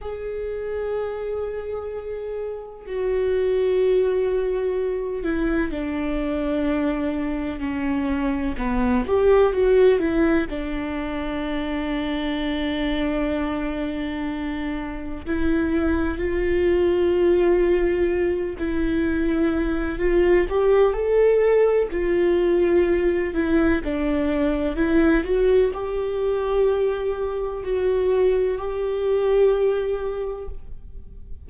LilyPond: \new Staff \with { instrumentName = "viola" } { \time 4/4 \tempo 4 = 63 gis'2. fis'4~ | fis'4. e'8 d'2 | cis'4 b8 g'8 fis'8 e'8 d'4~ | d'1 |
e'4 f'2~ f'8 e'8~ | e'4 f'8 g'8 a'4 f'4~ | f'8 e'8 d'4 e'8 fis'8 g'4~ | g'4 fis'4 g'2 | }